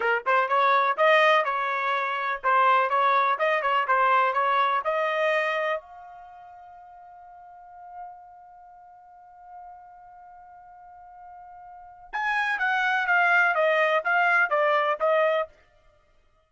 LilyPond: \new Staff \with { instrumentName = "trumpet" } { \time 4/4 \tempo 4 = 124 ais'8 c''8 cis''4 dis''4 cis''4~ | cis''4 c''4 cis''4 dis''8 cis''8 | c''4 cis''4 dis''2 | f''1~ |
f''1~ | f''1~ | f''4 gis''4 fis''4 f''4 | dis''4 f''4 d''4 dis''4 | }